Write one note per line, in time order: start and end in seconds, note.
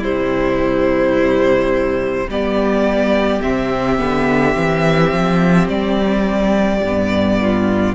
0.00 2.27 C3
0.00 2.29 G3
0.00 2.26 E4
0.00 2.29 C5
2.27 3.41 G3
2.27 3.42 B3
2.27 7.39 G4
2.27 3.42 D5
3.42 4.00 C3
3.42 3.98 C4
3.42 5.68 E5
3.98 4.56 D3
3.98 4.54 B3
4.54 5.12 E3
4.54 6.80 C4
5.12 5.68 F3
5.68 6.81 G3
5.68 7.95 D5
6.81 7.94 G2
6.81 7.95 B3
7.41 7.95 F4